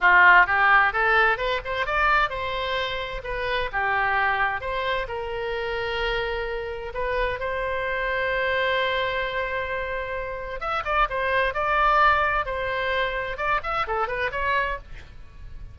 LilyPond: \new Staff \with { instrumentName = "oboe" } { \time 4/4 \tempo 4 = 130 f'4 g'4 a'4 b'8 c''8 | d''4 c''2 b'4 | g'2 c''4 ais'4~ | ais'2. b'4 |
c''1~ | c''2. e''8 d''8 | c''4 d''2 c''4~ | c''4 d''8 e''8 a'8 b'8 cis''4 | }